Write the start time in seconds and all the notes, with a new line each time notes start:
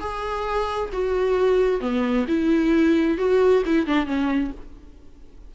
0.00 G#4
0.93 F#4
1.81 B3
2.28 E4
3.18 F#4
3.66 E4
3.87 D4
4.06 C#4